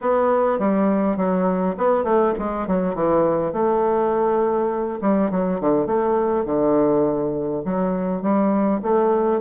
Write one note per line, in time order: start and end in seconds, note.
0.01 0.58 B3
0.58 1.16 G3
1.16 1.75 F#3
1.77 2.03 B3
2.03 2.33 A3
2.38 2.67 G#3
2.67 2.94 F#3
2.94 3.52 E3
3.52 4.99 A3
5.01 5.30 G3
5.30 5.60 F#3
5.60 5.86 D3
5.86 6.45 A3
6.45 7.63 D3
7.65 8.22 F#3
8.22 8.80 G3
8.82 9.41 A3